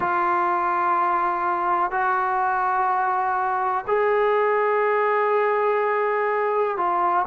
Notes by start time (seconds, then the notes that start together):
0.00 F4
1.91 F#4
3.87 G#4
6.77 F4